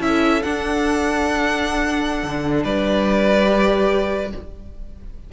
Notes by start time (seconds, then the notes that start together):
0.00 C#4 E4 A4 E5
0.43 D4 F#5
2.23 D3
2.64 G3 B4 D5
3.46 G4